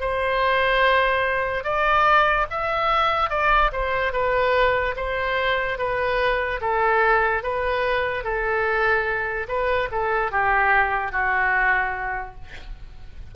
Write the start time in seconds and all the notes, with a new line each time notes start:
0.00 C5
1.64 D5
2.50 E5
3.30 D5
3.72 C5
4.12 B4
4.96 C5
5.78 B4
6.61 A4
7.42 B4
8.23 A4
9.47 B4
9.91 A4
10.31 G4
11.11 F#4